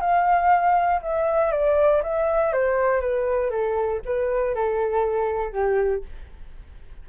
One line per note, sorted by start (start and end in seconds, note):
0.00 1.01 F5
1.02 1.51 E5
1.51 2.02 D5
2.03 2.52 E5
2.52 3.00 C5
3.00 3.50 B4
3.50 4.00 A4
4.05 4.54 B4
4.54 5.52 A4
5.52 6.03 G4